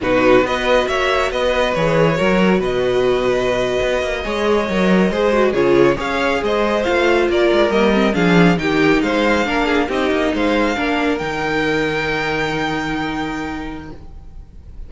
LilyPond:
<<
  \new Staff \with { instrumentName = "violin" } { \time 4/4 \tempo 4 = 138 b'4 dis''4 e''4 dis''4 | cis''2 dis''2~ | dis''1~ | dis''8. cis''4 f''4 dis''4 f''16~ |
f''8. d''4 dis''4 f''4 g''16~ | g''8. f''2 dis''4 f''16~ | f''4.~ f''16 g''2~ g''16~ | g''1 | }
  \new Staff \with { instrumentName = "violin" } { \time 4/4 fis'4 b'4 cis''4 b'4~ | b'4 ais'4 b'2~ | b'4.~ b'16 cis''2 c''16~ | c''8. gis'4 cis''4 c''4~ c''16~ |
c''8. ais'2 gis'4 g'16~ | g'8. c''4 ais'8 gis'8 g'4 c''16~ | c''8. ais'2.~ ais'16~ | ais'1 | }
  \new Staff \with { instrumentName = "viola" } { \time 4/4 dis'4 fis'2. | gis'4 fis'2.~ | fis'4.~ fis'16 gis'4 ais'4 gis'16~ | gis'16 fis'8 f'4 gis'2 f'16~ |
f'4.~ f'16 ais8 c'8 d'4 dis'16~ | dis'4.~ dis'16 d'4 dis'4~ dis'16~ | dis'8. d'4 dis'2~ dis'16~ | dis'1 | }
  \new Staff \with { instrumentName = "cello" } { \time 4/4 b,4 b4 ais4 b4 | e4 fis4 b,2~ | b,8. b8 ais8 gis4 fis4 gis16~ | gis8. cis4 cis'4 gis4 a16~ |
a8. ais8 gis8 g4 f4 dis16~ | dis8. gis4 ais4 c'8 ais8 gis16~ | gis8. ais4 dis2~ dis16~ | dis1 | }
>>